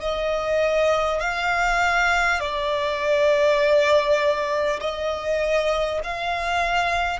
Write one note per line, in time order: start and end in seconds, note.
0.00 1.20 D#5
1.20 2.40 F5
2.40 4.80 D5
4.80 6.00 D#5
6.03 7.19 F5